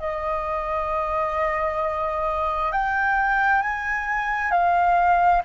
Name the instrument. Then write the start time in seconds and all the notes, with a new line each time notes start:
flute
0.00 D#5
2.73 G5
3.62 G#5
4.52 F5